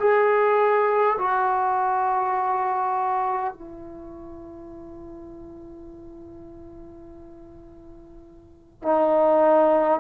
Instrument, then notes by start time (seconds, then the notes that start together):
trombone
0.00 G#4
1.19 F#4
3.54 E4
8.83 D#4